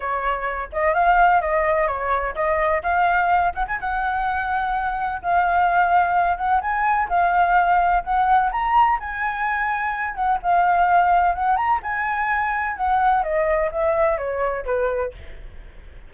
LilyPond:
\new Staff \with { instrumentName = "flute" } { \time 4/4 \tempo 4 = 127 cis''4. dis''8 f''4 dis''4 | cis''4 dis''4 f''4. fis''16 gis''16 | fis''2. f''4~ | f''4. fis''8 gis''4 f''4~ |
f''4 fis''4 ais''4 gis''4~ | gis''4. fis''8 f''2 | fis''8 ais''8 gis''2 fis''4 | dis''4 e''4 cis''4 b'4 | }